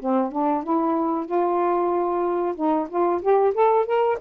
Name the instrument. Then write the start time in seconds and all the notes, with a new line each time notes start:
saxophone
0.00 C4
0.32 D4
0.64 E4
1.26 F4
2.56 D#4
2.90 F4
3.22 G4
3.55 A4
3.86 A#4